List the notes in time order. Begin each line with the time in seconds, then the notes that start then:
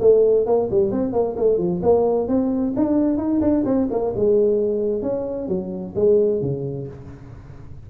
0.00 A3
0.46 A#3
0.70 G3
0.91 C4
1.12 A#3
1.36 A3
1.58 F3
1.82 A#3
2.28 C4
2.76 D4
3.17 D#4
3.41 D4
3.65 C4
3.91 A#3
4.15 G#3
5.02 C#4
5.48 F#3
5.95 G#3
6.41 C#3